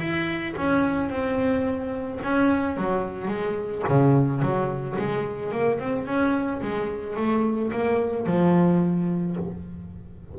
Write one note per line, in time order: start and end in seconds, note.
0.00 0.55 E4
0.58 1.10 C#4
1.10 2.20 C4
2.23 2.77 C#4
2.77 3.28 F#3
3.28 3.83 G#3
3.89 4.42 C#3
4.42 4.97 F#3
4.99 5.52 G#3
5.52 5.80 A#3
5.80 6.07 C4
6.07 6.62 C#4
6.62 7.17 G#3
7.17 7.72 A3
7.72 8.27 A#3
8.27 9.37 F3